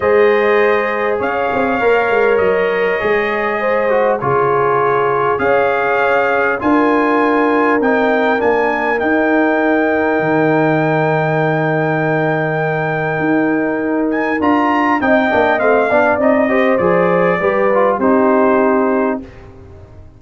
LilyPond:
<<
  \new Staff \with { instrumentName = "trumpet" } { \time 4/4 \tempo 4 = 100 dis''2 f''2 | dis''2. cis''4~ | cis''4 f''2 gis''4~ | gis''4 g''4 gis''4 g''4~ |
g''1~ | g''2.~ g''8 gis''8 | ais''4 g''4 f''4 dis''4 | d''2 c''2 | }
  \new Staff \with { instrumentName = "horn" } { \time 4/4 c''2 cis''2~ | cis''2 c''4 gis'4~ | gis'4 cis''2 ais'4~ | ais'1~ |
ais'1~ | ais'1~ | ais'4 dis''4. d''4 c''8~ | c''4 b'4 g'2 | }
  \new Staff \with { instrumentName = "trombone" } { \time 4/4 gis'2. ais'4~ | ais'4 gis'4. fis'8 f'4~ | f'4 gis'2 f'4~ | f'4 dis'4 d'4 dis'4~ |
dis'1~ | dis'1 | f'4 dis'8 d'8 c'8 d'8 dis'8 g'8 | gis'4 g'8 f'8 dis'2 | }
  \new Staff \with { instrumentName = "tuba" } { \time 4/4 gis2 cis'8 c'8 ais8 gis8 | fis4 gis2 cis4~ | cis4 cis'2 d'4~ | d'4 c'4 ais4 dis'4~ |
dis'4 dis2.~ | dis2 dis'2 | d'4 c'8 ais8 a8 b8 c'4 | f4 g4 c'2 | }
>>